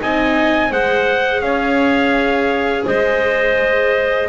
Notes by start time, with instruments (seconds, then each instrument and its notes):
0.00 double bass C4, viola D#4, clarinet D#5, trumpet G#5
0.70 double bass G#3, viola G#4, clarinet C5, trumpet F#5
1.41 double bass C#4, clarinet C#5, trumpet F5
2.86 double bass G#3, clarinet C5, trumpet D#5